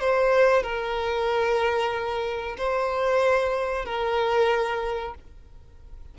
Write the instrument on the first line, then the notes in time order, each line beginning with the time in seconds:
violin
0.00 C5
0.63 A#4
2.57 C5
3.85 A#4